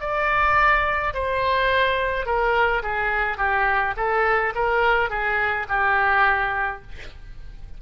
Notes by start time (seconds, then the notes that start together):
0.00 D5
1.14 C5
2.25 A#4
2.83 G#4
3.38 G4
3.97 A4
4.54 A#4
5.10 G#4
5.69 G4